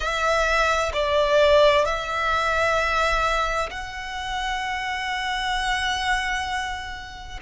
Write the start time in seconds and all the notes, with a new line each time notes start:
0.00 E5
0.93 D5
1.85 E5
3.70 F#5